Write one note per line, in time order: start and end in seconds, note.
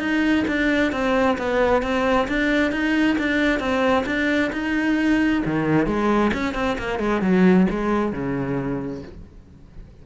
0.00 0.45 D#4
0.48 0.92 D4
0.92 1.38 C4
1.38 1.83 B3
1.83 2.28 C4
2.28 2.72 D4
2.72 3.17 D#4
3.19 3.60 D4
3.60 4.05 C4
4.07 4.52 D4
4.53 5.43 D#4
5.46 5.87 D#3
5.87 6.32 G#3
6.34 6.55 C#4
6.55 6.78 C4
6.79 7.00 A#3
7.00 7.22 G#3
7.22 7.67 F#3
7.70 8.13 G#3
8.13 9.03 C#3